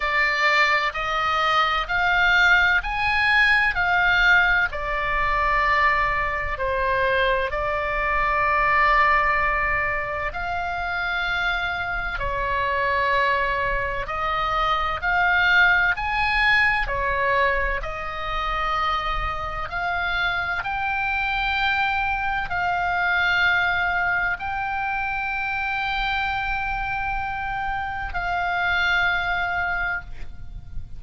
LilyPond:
\new Staff \with { instrumentName = "oboe" } { \time 4/4 \tempo 4 = 64 d''4 dis''4 f''4 gis''4 | f''4 d''2 c''4 | d''2. f''4~ | f''4 cis''2 dis''4 |
f''4 gis''4 cis''4 dis''4~ | dis''4 f''4 g''2 | f''2 g''2~ | g''2 f''2 | }